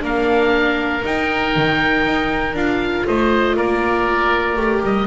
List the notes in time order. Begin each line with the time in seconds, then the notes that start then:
0.00 A#3 D4 A#4 F5
1.04 D#4 G5
1.56 D#3
2.05 D#4
2.54 D4 F4 F5
3.07 A3 C5 D#5
3.56 A#3 A#4 D5
4.56 A3 G4
4.83 G3 D#5